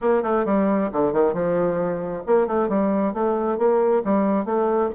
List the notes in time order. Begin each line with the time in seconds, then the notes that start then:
0.01 A#3
0.23 A3
0.45 G3
0.92 D3
1.13 D#3
1.33 F3
2.26 A#3
2.47 A3
2.68 G3
3.13 A3
3.58 A#3
4.04 G3
4.45 A3